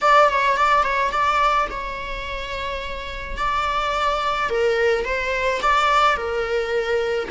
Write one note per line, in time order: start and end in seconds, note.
0.01 0.29 D5
0.29 0.56 C#5
0.56 0.83 D5
0.83 1.11 C#5
1.11 1.67 D5
1.70 3.37 C#5
3.37 4.49 D5
4.49 5.04 A#4
5.04 5.60 C5
5.62 6.16 D5
6.16 7.28 A#4